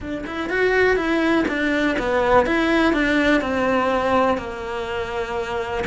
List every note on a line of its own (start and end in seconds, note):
0.00 0.25 D4
0.26 0.49 E4
0.49 0.96 F#4
0.96 1.45 E4
1.47 1.96 D4
1.98 2.46 B3
2.46 2.93 E4
2.93 3.41 D4
3.41 4.37 C4
4.37 5.84 A#3